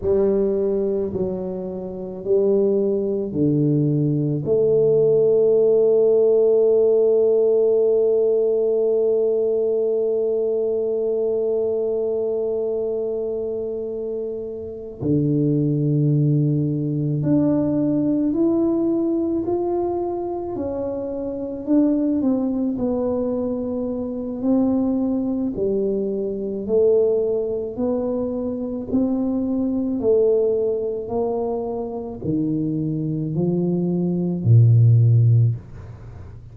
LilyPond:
\new Staff \with { instrumentName = "tuba" } { \time 4/4 \tempo 4 = 54 g4 fis4 g4 d4 | a1~ | a1~ | a4. d2 d'8~ |
d'8 e'4 f'4 cis'4 d'8 | c'8 b4. c'4 g4 | a4 b4 c'4 a4 | ais4 dis4 f4 ais,4 | }